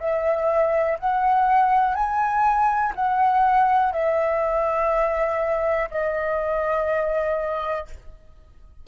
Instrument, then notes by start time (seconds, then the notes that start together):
flute
0.00 E5
0.99 F#5
1.94 G#5
2.95 F#5
3.93 E5
5.91 D#5